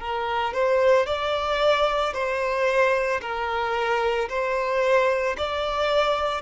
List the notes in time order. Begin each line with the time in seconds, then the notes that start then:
0.00 A#4
0.54 C5
1.06 D5
2.14 C5
3.21 A#4
4.29 C5
5.38 D5